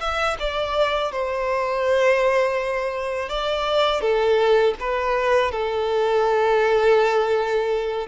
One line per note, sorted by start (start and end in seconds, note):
0.00 0.37 E5
0.39 1.12 D5
1.12 3.29 C5
3.29 4.00 D5
4.00 4.74 A4
4.80 5.51 B4
5.51 8.07 A4